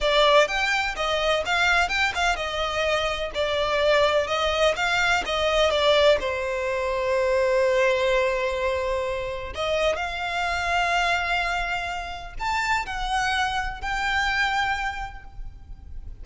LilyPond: \new Staff \with { instrumentName = "violin" } { \time 4/4 \tempo 4 = 126 d''4 g''4 dis''4 f''4 | g''8 f''8 dis''2 d''4~ | d''4 dis''4 f''4 dis''4 | d''4 c''2.~ |
c''1 | dis''4 f''2.~ | f''2 a''4 fis''4~ | fis''4 g''2. | }